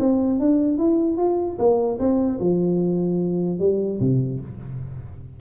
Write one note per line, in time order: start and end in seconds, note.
0.00 0.40 C4
0.40 0.79 D4
0.79 1.18 E4
1.18 1.58 F4
1.59 1.99 A#3
2.00 2.40 C4
2.40 3.60 F3
3.60 4.00 G3
4.00 4.41 C3